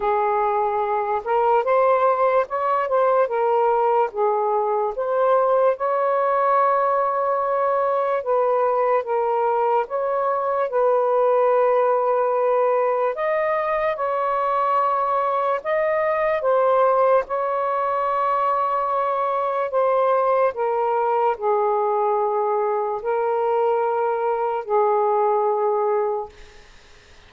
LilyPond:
\new Staff \with { instrumentName = "saxophone" } { \time 4/4 \tempo 4 = 73 gis'4. ais'8 c''4 cis''8 c''8 | ais'4 gis'4 c''4 cis''4~ | cis''2 b'4 ais'4 | cis''4 b'2. |
dis''4 cis''2 dis''4 | c''4 cis''2. | c''4 ais'4 gis'2 | ais'2 gis'2 | }